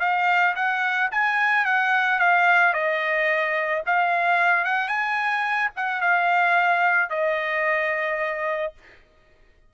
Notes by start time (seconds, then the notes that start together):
0.00 F5
0.56 F#5
1.12 G#5
1.65 F#5
2.19 F5
2.73 D#5
3.86 F5
4.65 F#5
4.88 G#5
5.76 F#5
6.01 F5
7.10 D#5